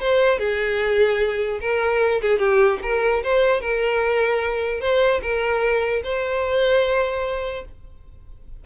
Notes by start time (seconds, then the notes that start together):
0.00 C5
0.39 G#4
1.61 A#4
2.22 G#4
2.39 G4
2.83 A#4
3.23 C5
3.61 A#4
4.80 C5
5.22 A#4
6.04 C5